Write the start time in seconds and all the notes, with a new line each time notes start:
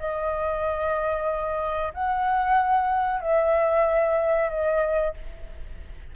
0.00 D#5
1.94 F#5
3.21 E5
4.50 D#5